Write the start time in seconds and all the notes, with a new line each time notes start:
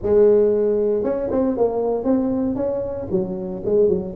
0.02 G#3
1.03 C#4
1.31 C4
1.57 A#3
2.04 C4
2.55 C#4
3.11 F#3
3.65 G#3
3.88 F#3